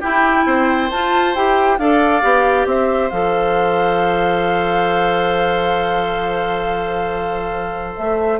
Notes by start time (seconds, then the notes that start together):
0.00 E4 G4 G5
0.46 C4 C5
0.90 F4 A5
1.35 E4 G4 G5
1.78 D4 A4 D5 F5
2.22 B3 G4
2.66 C4 C5 E5
3.10 F3 A4 F5
7.96 A3 E5